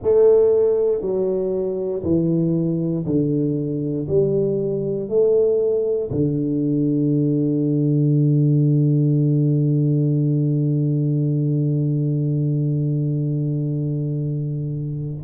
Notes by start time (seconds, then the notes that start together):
0.02 A3
1.01 F#3
2.03 E3
3.05 D3
4.08 G3
5.08 A3
6.11 D3